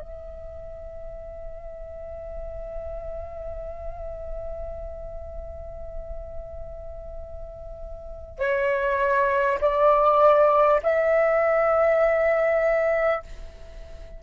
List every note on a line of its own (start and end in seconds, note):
0.00 8.38 E5
8.38 9.58 C#5
9.61 10.81 D5
10.82 13.22 E5